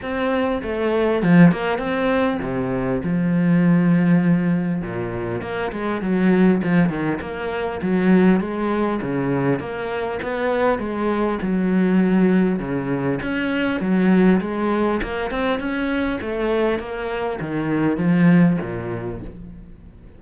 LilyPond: \new Staff \with { instrumentName = "cello" } { \time 4/4 \tempo 4 = 100 c'4 a4 f8 ais8 c'4 | c4 f2. | ais,4 ais8 gis8 fis4 f8 dis8 | ais4 fis4 gis4 cis4 |
ais4 b4 gis4 fis4~ | fis4 cis4 cis'4 fis4 | gis4 ais8 c'8 cis'4 a4 | ais4 dis4 f4 ais,4 | }